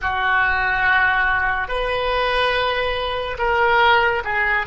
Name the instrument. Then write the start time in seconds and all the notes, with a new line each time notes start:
oboe
0.01 F#4
1.67 B4
3.38 A#4
4.24 G#4